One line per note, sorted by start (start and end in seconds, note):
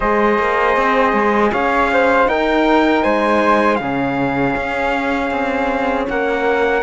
0.00 0.38 G#3
0.00 2.25 G#4
0.00 1.51 C5
0.00 1.52 D#5
0.38 0.76 A#3
0.76 1.13 C4
1.13 1.51 G#3
1.52 2.27 C#4
1.52 1.90 C#5
1.52 2.28 F5
1.93 2.28 C5
2.25 3.77 D#4
2.25 3.03 D#4
2.25 3.03 A#4
2.25 3.03 G5
3.03 3.79 G#3
3.03 3.79 C5
3.03 3.75 G#5
3.75 4.55 C#3
3.75 6.82 C#4
3.75 6.08 G#4
3.75 6.03 F5
4.56 5.30 C#4
5.30 6.06 C4
6.09 6.82 A#3
6.09 6.82 A#4
6.09 6.82 F#5